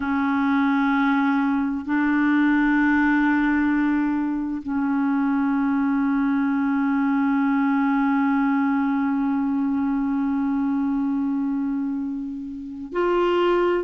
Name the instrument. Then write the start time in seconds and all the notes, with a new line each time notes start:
clarinet
0.00 C#4
1.85 D4
4.62 C#4
12.92 F4